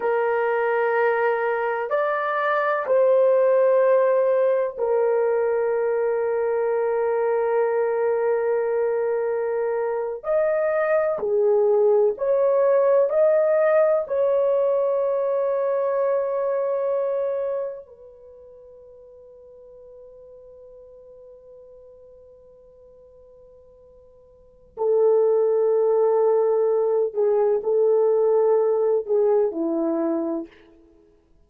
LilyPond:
\new Staff \with { instrumentName = "horn" } { \time 4/4 \tempo 4 = 63 ais'2 d''4 c''4~ | c''4 ais'2.~ | ais'2~ ais'8. dis''4 gis'16~ | gis'8. cis''4 dis''4 cis''4~ cis''16~ |
cis''2~ cis''8. b'4~ b'16~ | b'1~ | b'2 a'2~ | a'8 gis'8 a'4. gis'8 e'4 | }